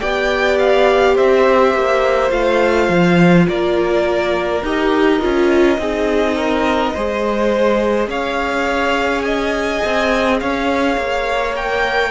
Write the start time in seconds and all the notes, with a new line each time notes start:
0.00 B3 G4 D5 G5
0.59 F5
1.15 C4 C5 E5
1.74 A#3
2.29 A3 F4 F5
2.89 F3
3.48 A#3 A#4 D5
4.62 D#4 G4 D#5
5.20 C#4 F4
5.78 C4 D#4 G#4
6.36 A#4
6.94 G#3 G#4 C5
8.07 C#4 C#5 F5
9.22 D#5 G#5
9.85 C4
10.39 C#4 C#5 F5
10.97 A#3
11.56 A#4 G5